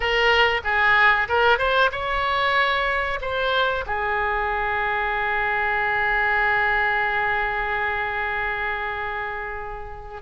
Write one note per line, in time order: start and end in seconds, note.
0.00 0.61 A#4
0.64 1.28 G#4
1.28 1.58 A#4
1.58 1.90 C5
1.91 3.19 C#5
3.21 3.85 C5
3.86 10.22 G#4